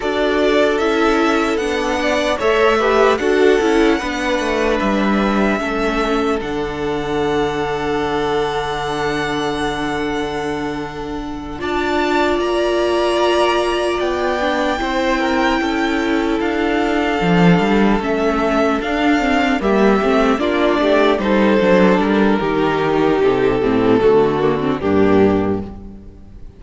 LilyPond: <<
  \new Staff \with { instrumentName = "violin" } { \time 4/4 \tempo 4 = 75 d''4 e''4 fis''4 e''4 | fis''2 e''2 | fis''1~ | fis''2~ fis''8 a''4 ais''8~ |
ais''4. g''2~ g''8~ | g''8 f''2 e''4 f''8~ | f''8 e''4 d''4 c''4 ais'8~ | ais'4 a'2 g'4 | }
  \new Staff \with { instrumentName = "violin" } { \time 4/4 a'2~ a'8 d''8 cis''8 b'8 | a'4 b'2 a'4~ | a'1~ | a'2~ a'8 d''4.~ |
d''2~ d''8 c''8 ais'8 a'8~ | a'1~ | a'8 g'4 f'8 g'8 a'4. | g'2 fis'4 d'4 | }
  \new Staff \with { instrumentName = "viola" } { \time 4/4 fis'4 e'4 d'4 a'8 g'8 | fis'8 e'8 d'2 cis'4 | d'1~ | d'2~ d'8 f'4.~ |
f'2 d'8 e'4.~ | e'4. d'4 cis'4 d'8 | c'8 ais8 c'8 d'4 dis'8 d'4 | dis'4. c'8 a8 ais16 c'16 ais4 | }
  \new Staff \with { instrumentName = "cello" } { \time 4/4 d'4 cis'4 b4 a4 | d'8 cis'8 b8 a8 g4 a4 | d1~ | d2~ d8 d'4 ais8~ |
ais4. b4 c'4 cis'8~ | cis'8 d'4 f8 g8 a4 d'8~ | d'8 g8 a8 ais8 a8 g8 fis8 g8 | dis4 c8 a,8 d4 g,4 | }
>>